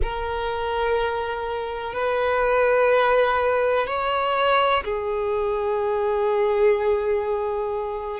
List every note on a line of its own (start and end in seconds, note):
0.02 1.94 A#4
1.94 3.86 B4
3.86 4.83 C#5
4.83 8.20 G#4